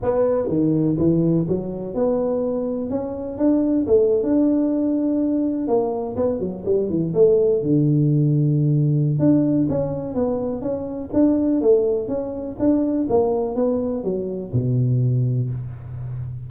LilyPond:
\new Staff \with { instrumentName = "tuba" } { \time 4/4 \tempo 4 = 124 b4 dis4 e4 fis4 | b2 cis'4 d'4 | a8. d'2. ais16~ | ais8. b8 fis8 g8 e8 a4 d16~ |
d2. d'4 | cis'4 b4 cis'4 d'4 | a4 cis'4 d'4 ais4 | b4 fis4 b,2 | }